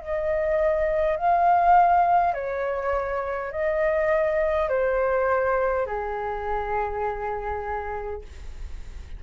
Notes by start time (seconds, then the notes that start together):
0.00 D#5
1.17 F5
2.34 C#5
3.52 D#5
4.70 C5
5.87 G#4